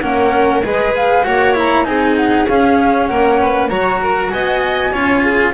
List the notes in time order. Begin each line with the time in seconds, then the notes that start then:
0.00 A#3 C#4 A#4 F#5
0.64 G#3 G#4 B4 D#5
0.95 F5
1.24 A#3 F#4 C#5 F#5
1.54 E4 A#5
1.84 C4 D#4 G#4 G#5
2.16 F#5
2.47 C#4 F5
3.06 A#3 A#4 F#5
3.39 B4
3.68 F#3 F#4 C#5 A#5
4.01 A#4
4.30 B3 D#5 G#5
4.91 C#4 F4 C#5
5.23 G#4